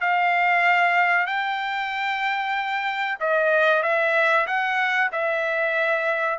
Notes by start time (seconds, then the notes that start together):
0.00 F5
1.26 G5
3.20 D#5
3.82 E5
4.47 F#5
5.12 E5